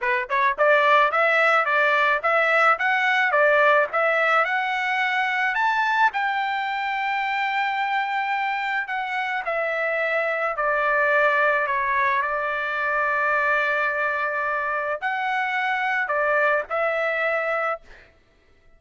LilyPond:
\new Staff \with { instrumentName = "trumpet" } { \time 4/4 \tempo 4 = 108 b'8 cis''8 d''4 e''4 d''4 | e''4 fis''4 d''4 e''4 | fis''2 a''4 g''4~ | g''1 |
fis''4 e''2 d''4~ | d''4 cis''4 d''2~ | d''2. fis''4~ | fis''4 d''4 e''2 | }